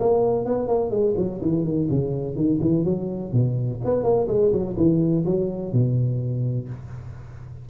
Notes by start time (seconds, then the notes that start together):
0.00 A#3
0.46 B3
0.68 A#3
0.91 G#3
1.17 F#3
1.42 E3
1.65 D#3
1.90 C#3
2.36 D#3
2.62 E3
2.85 F#3
3.33 B2
3.85 B3
4.04 A#3
4.28 G#3
4.53 F#3
4.77 E3
5.26 F#3
5.73 B2